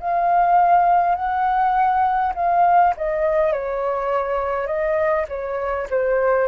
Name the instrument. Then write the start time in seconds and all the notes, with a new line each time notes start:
flute
0.00 F5
1.16 F#5
2.35 F5
2.97 D#5
3.52 C#5
4.67 D#5
5.28 C#5
5.90 C5